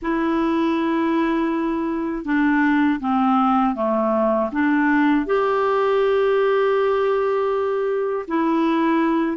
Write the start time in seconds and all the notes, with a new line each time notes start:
0.02 E4
2.24 D4
3.00 C4
3.75 A3
4.52 D4
5.25 G4
8.27 E4